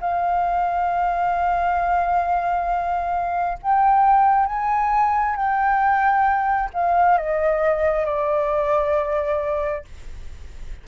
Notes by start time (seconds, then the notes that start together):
0.00 F5
3.62 G5
4.46 G#5
5.35 G5
6.73 F5
7.18 D#5
8.05 D5